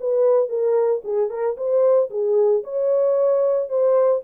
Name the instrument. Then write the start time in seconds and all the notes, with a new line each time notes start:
horn
0.00 B4
0.49 A#4
1.04 G#4
1.30 A#4
1.57 C5
2.10 G#4
2.64 C#5
3.69 C5